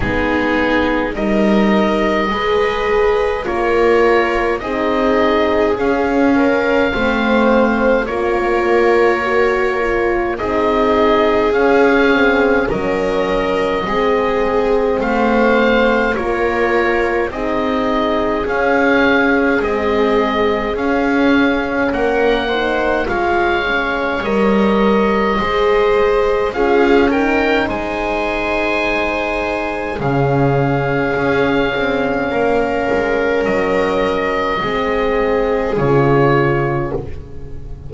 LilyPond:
<<
  \new Staff \with { instrumentName = "oboe" } { \time 4/4 \tempo 4 = 52 gis'4 dis''2 cis''4 | dis''4 f''2 cis''4~ | cis''4 dis''4 f''4 dis''4~ | dis''4 f''4 cis''4 dis''4 |
f''4 dis''4 f''4 fis''4 | f''4 dis''2 f''8 g''8 | gis''2 f''2~ | f''4 dis''2 cis''4 | }
  \new Staff \with { instrumentName = "viola" } { \time 4/4 dis'4 ais'4 b'4 ais'4 | gis'4. ais'8 c''4 ais'4~ | ais'4 gis'2 ais'4 | gis'4 c''4 ais'4 gis'4~ |
gis'2. ais'8 c''8 | cis''2 c''4 gis'8 ais'8 | c''2 gis'2 | ais'2 gis'2 | }
  \new Staff \with { instrumentName = "horn" } { \time 4/4 b4 dis'4 gis'4 f'4 | dis'4 cis'4 c'4 f'4 | fis'8 f'8 dis'4 cis'8 c'8 cis'4 | c'2 f'4 dis'4 |
cis'4 gis4 cis'4. dis'8 | f'8 cis'8 ais'4 gis'4 f'8 dis'8~ | dis'2 cis'2~ | cis'2 c'4 f'4 | }
  \new Staff \with { instrumentName = "double bass" } { \time 4/4 gis4 g4 gis4 ais4 | c'4 cis'4 a4 ais4~ | ais4 c'4 cis'4 fis4 | gis4 a4 ais4 c'4 |
cis'4 c'4 cis'4 ais4 | gis4 g4 gis4 cis'4 | gis2 cis4 cis'8 c'8 | ais8 gis8 fis4 gis4 cis4 | }
>>